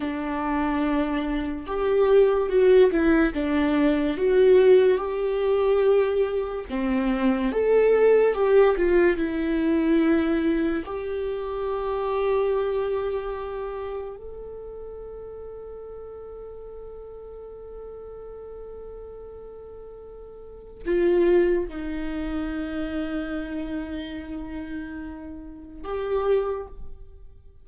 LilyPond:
\new Staff \with { instrumentName = "viola" } { \time 4/4 \tempo 4 = 72 d'2 g'4 fis'8 e'8 | d'4 fis'4 g'2 | c'4 a'4 g'8 f'8 e'4~ | e'4 g'2.~ |
g'4 a'2.~ | a'1~ | a'4 f'4 dis'2~ | dis'2. g'4 | }